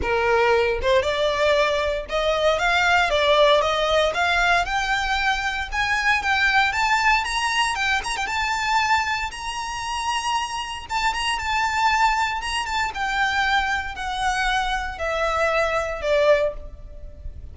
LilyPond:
\new Staff \with { instrumentName = "violin" } { \time 4/4 \tempo 4 = 116 ais'4. c''8 d''2 | dis''4 f''4 d''4 dis''4 | f''4 g''2 gis''4 | g''4 a''4 ais''4 g''8 ais''16 g''16 |
a''2 ais''2~ | ais''4 a''8 ais''8 a''2 | ais''8 a''8 g''2 fis''4~ | fis''4 e''2 d''4 | }